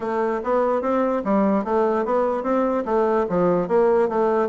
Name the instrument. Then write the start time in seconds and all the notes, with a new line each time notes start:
bassoon
0.00 A3
0.43 B3
0.81 C4
1.24 G3
1.64 A3
2.05 B3
2.43 C4
2.85 A3
3.29 F3
3.68 A#3
4.08 A3